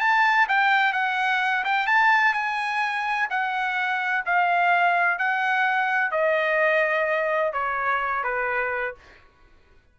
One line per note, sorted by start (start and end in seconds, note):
0.00 0.47 A5
0.48 0.93 G5
0.93 1.64 F#5
1.64 1.87 G5
1.87 2.33 A5
2.33 3.28 G#5
3.30 4.24 F#5
4.25 5.18 F5
5.18 6.11 F#5
6.11 7.52 D#5
7.52 8.23 C#5
8.24 8.95 B4